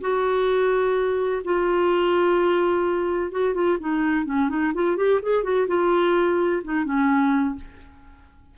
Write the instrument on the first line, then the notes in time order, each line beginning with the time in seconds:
clarinet
0.00 F#4
1.44 F4
3.31 F#4
3.54 F4
3.79 D#4
4.25 C#4
4.49 D#4
4.74 F4
4.96 G4
5.22 G#4
5.43 F#4
5.67 F4
6.64 D#4
6.84 C#4